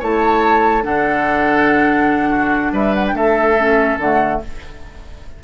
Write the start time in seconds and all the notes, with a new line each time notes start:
0.00 A3 E4 C#5 A5
0.83 D3 D4 A4 F#5
2.30 F#4
2.73 G3 B4 E5
2.95 F#5
3.08 A3 G5
3.15 A4 E5
3.58 C#4
3.99 D3 A3 F#5